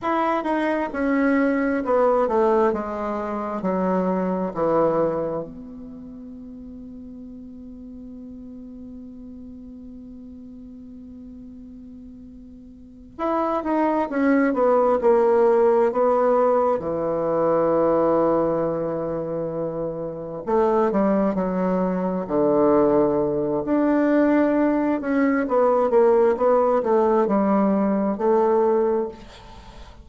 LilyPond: \new Staff \with { instrumentName = "bassoon" } { \time 4/4 \tempo 4 = 66 e'8 dis'8 cis'4 b8 a8 gis4 | fis4 e4 b2~ | b1~ | b2~ b8 e'8 dis'8 cis'8 |
b8 ais4 b4 e4.~ | e2~ e8 a8 g8 fis8~ | fis8 d4. d'4. cis'8 | b8 ais8 b8 a8 g4 a4 | }